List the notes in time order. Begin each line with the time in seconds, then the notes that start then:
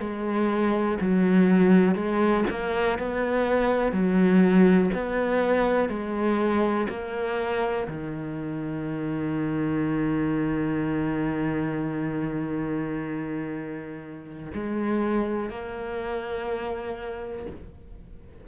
0.00 G#3
1.01 F#3
1.95 G#3
2.50 A#3
2.99 B3
3.93 F#3
4.94 B3
5.89 G#3
6.89 A#3
7.88 D#3
14.54 G#3
15.50 A#3